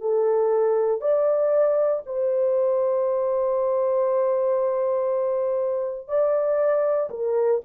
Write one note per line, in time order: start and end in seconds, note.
0.00 1.00 A4
1.00 2.02 D5
2.05 6.07 C5
6.07 7.09 D5
7.10 7.60 A#4